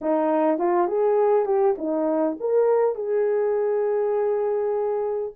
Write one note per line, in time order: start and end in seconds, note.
0.01 0.58 D#4
0.58 0.87 F4
0.87 1.45 G#4
1.45 1.75 G4
1.78 2.37 D#4
2.40 2.95 A#4
2.95 5.32 G#4